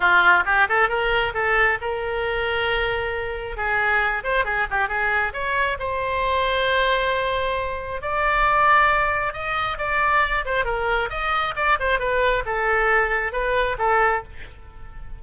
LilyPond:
\new Staff \with { instrumentName = "oboe" } { \time 4/4 \tempo 4 = 135 f'4 g'8 a'8 ais'4 a'4 | ais'1 | gis'4. c''8 gis'8 g'8 gis'4 | cis''4 c''2.~ |
c''2 d''2~ | d''4 dis''4 d''4. c''8 | ais'4 dis''4 d''8 c''8 b'4 | a'2 b'4 a'4 | }